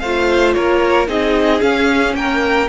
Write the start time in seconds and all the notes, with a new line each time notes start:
0.00 A3 F4 C5 F5
0.53 A#3 A#4 C#5
1.07 C4 D#4 G#4 D#5
1.61 C#4 F5
2.14 A#3 A#4 G5